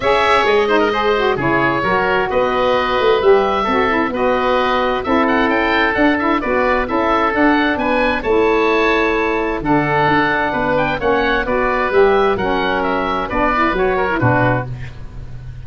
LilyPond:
<<
  \new Staff \with { instrumentName = "oboe" } { \time 4/4 \tempo 4 = 131 e''4 dis''2 cis''4~ | cis''4 dis''2 e''4~ | e''4 dis''2 e''8 fis''8 | g''4 fis''8 e''8 d''4 e''4 |
fis''4 gis''4 a''2~ | a''4 fis''2~ fis''8 g''8 | fis''4 d''4 e''4 fis''4 | e''4 d''4 cis''4 b'4 | }
  \new Staff \with { instrumentName = "oboe" } { \time 4/4 cis''4. c''16 ais'16 c''4 gis'4 | ais'4 b'2. | a'4 b'2 a'4~ | a'2 b'4 a'4~ |
a'4 b'4 cis''2~ | cis''4 a'2 b'4 | cis''4 b'2 ais'4~ | ais'4 b'4. ais'8 fis'4 | }
  \new Staff \with { instrumentName = "saxophone" } { \time 4/4 gis'4. dis'8 gis'8 fis'8 e'4 | fis'2. g'4 | fis'8 e'8 fis'2 e'4~ | e'4 d'8 e'8 fis'4 e'4 |
d'2 e'2~ | e'4 d'2. | cis'4 fis'4 g'4 cis'4~ | cis'4 d'8 e'8 fis'8. e'16 d'4 | }
  \new Staff \with { instrumentName = "tuba" } { \time 4/4 cis'4 gis2 cis4 | fis4 b4. a8 g4 | c'4 b2 c'4 | cis'4 d'4 b4 cis'4 |
d'4 b4 a2~ | a4 d4 d'4 b4 | ais4 b4 g4 fis4~ | fis4 b4 fis4 b,4 | }
>>